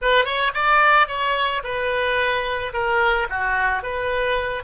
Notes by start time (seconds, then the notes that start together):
0.01 B4
0.25 C#5
0.53 D5
1.07 C#5
1.63 B4
2.73 A#4
3.29 F#4
3.82 B4